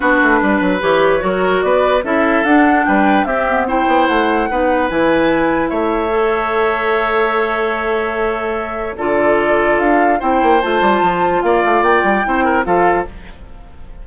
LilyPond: <<
  \new Staff \with { instrumentName = "flute" } { \time 4/4 \tempo 4 = 147 b'2 cis''2 | d''4 e''4 fis''4 g''4 | e''4 g''4 fis''2 | gis''2 e''2~ |
e''1~ | e''2 d''2 | f''4 g''4 a''2 | f''4 g''2 f''4 | }
  \new Staff \with { instrumentName = "oboe" } { \time 4/4 fis'4 b'2 ais'4 | b'4 a'2 b'4 | g'4 c''2 b'4~ | b'2 cis''2~ |
cis''1~ | cis''2 a'2~ | a'4 c''2. | d''2 c''8 ais'8 a'4 | }
  \new Staff \with { instrumentName = "clarinet" } { \time 4/4 d'2 g'4 fis'4~ | fis'4 e'4 d'2 | c'8 b8 e'2 dis'4 | e'2. a'4~ |
a'1~ | a'2 f'2~ | f'4 e'4 f'2~ | f'2 e'4 f'4 | }
  \new Staff \with { instrumentName = "bassoon" } { \time 4/4 b8 a8 g8 fis8 e4 fis4 | b4 cis'4 d'4 g4 | c'4. b8 a4 b4 | e2 a2~ |
a1~ | a2 d2 | d'4 c'8 ais8 a8 g8 f4 | ais8 a8 ais8 g8 c'4 f4 | }
>>